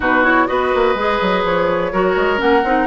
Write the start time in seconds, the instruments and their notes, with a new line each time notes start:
0.00 bassoon B2, clarinet D#4, oboe F#4, flute B4
0.23 clarinet E4, flute C#5
0.47 bassoon B3, clarinet F#4, oboe B4, flute D#5
0.74 bassoon A#3
0.95 bassoon G#3, clarinet G#4
1.21 bassoon F#3
1.44 bassoon F3, flute C#5
1.92 bassoon F#3, clarinet F#4, oboe A#4
2.16 bassoon G#3
2.37 bassoon A#3, clarinet C#4, flute F#5
2.63 bassoon C4, clarinet D#4